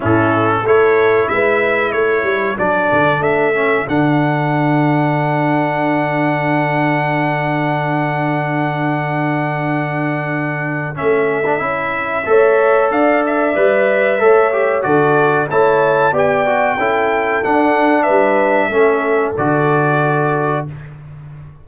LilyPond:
<<
  \new Staff \with { instrumentName = "trumpet" } { \time 4/4 \tempo 4 = 93 a'4 cis''4 e''4 cis''4 | d''4 e''4 fis''2~ | fis''1~ | fis''1~ |
fis''4 e''2. | f''8 e''2~ e''8 d''4 | a''4 g''2 fis''4 | e''2 d''2 | }
  \new Staff \with { instrumentName = "horn" } { \time 4/4 e'4 a'4 b'4 a'4~ | a'1~ | a'1~ | a'1~ |
a'2. cis''4 | d''2 cis''4 a'4 | cis''4 d''4 a'2 | b'4 a'2. | }
  \new Staff \with { instrumentName = "trombone" } { \time 4/4 cis'4 e'2. | d'4. cis'8 d'2~ | d'1~ | d'1~ |
d'4 cis'8. d'16 e'4 a'4~ | a'4 b'4 a'8 g'8 fis'4 | e'4 g'8 fis'8 e'4 d'4~ | d'4 cis'4 fis'2 | }
  \new Staff \with { instrumentName = "tuba" } { \time 4/4 a,4 a4 gis4 a8 g8 | fis8 d8 a4 d2~ | d1~ | d1~ |
d4 a4 cis'4 a4 | d'4 g4 a4 d4 | a4 b4 cis'4 d'4 | g4 a4 d2 | }
>>